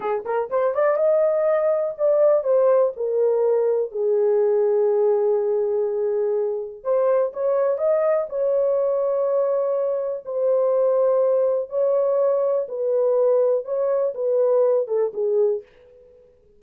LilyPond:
\new Staff \with { instrumentName = "horn" } { \time 4/4 \tempo 4 = 123 gis'8 ais'8 c''8 d''8 dis''2 | d''4 c''4 ais'2 | gis'1~ | gis'2 c''4 cis''4 |
dis''4 cis''2.~ | cis''4 c''2. | cis''2 b'2 | cis''4 b'4. a'8 gis'4 | }